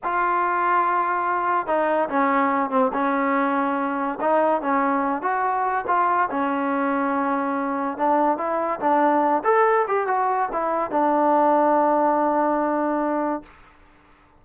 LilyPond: \new Staff \with { instrumentName = "trombone" } { \time 4/4 \tempo 4 = 143 f'1 | dis'4 cis'4. c'8 cis'4~ | cis'2 dis'4 cis'4~ | cis'8 fis'4. f'4 cis'4~ |
cis'2. d'4 | e'4 d'4. a'4 g'8 | fis'4 e'4 d'2~ | d'1 | }